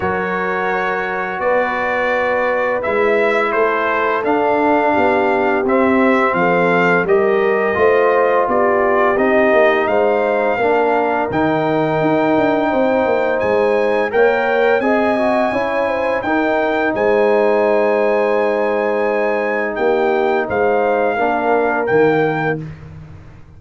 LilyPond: <<
  \new Staff \with { instrumentName = "trumpet" } { \time 4/4 \tempo 4 = 85 cis''2 d''2 | e''4 c''4 f''2 | e''4 f''4 dis''2 | d''4 dis''4 f''2 |
g''2. gis''4 | g''4 gis''2 g''4 | gis''1 | g''4 f''2 g''4 | }
  \new Staff \with { instrumentName = "horn" } { \time 4/4 ais'2 b'2~ | b'4 a'2 g'4~ | g'4 a'4 ais'4 c''4 | g'2 c''4 ais'4~ |
ais'2 c''2 | cis''4 dis''4 cis''8 c''8 ais'4 | c''1 | g'4 c''4 ais'2 | }
  \new Staff \with { instrumentName = "trombone" } { \time 4/4 fis'1 | e'2 d'2 | c'2 g'4 f'4~ | f'4 dis'2 d'4 |
dis'1 | ais'4 gis'8 fis'8 e'4 dis'4~ | dis'1~ | dis'2 d'4 ais4 | }
  \new Staff \with { instrumentName = "tuba" } { \time 4/4 fis2 b2 | gis4 a4 d'4 b4 | c'4 f4 g4 a4 | b4 c'8 ais8 gis4 ais4 |
dis4 dis'8 d'8 c'8 ais8 gis4 | ais4 c'4 cis'4 dis'4 | gis1 | ais4 gis4 ais4 dis4 | }
>>